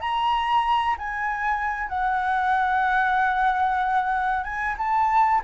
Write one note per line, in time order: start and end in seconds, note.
0.00 0.96 A#5
0.98 1.89 G#5
1.89 4.44 F#5
4.44 4.76 G#5
4.78 5.41 A5